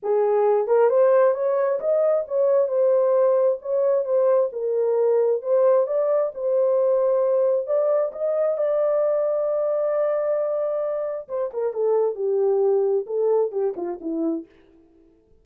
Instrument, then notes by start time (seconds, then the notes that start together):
horn
0.02 G#4
0.67 A#4
0.89 C5
1.34 C#5
1.79 D#5
2.27 C#5
2.67 C5
3.61 C#5
4.05 C5
4.52 A#4
5.41 C5
5.86 D5
6.34 C5
7.66 D5
8.12 D#5
8.57 D5
11.28 C5
11.53 A#4
11.73 A4
12.15 G4
13.06 A4
13.51 G4
13.76 F4
14.00 E4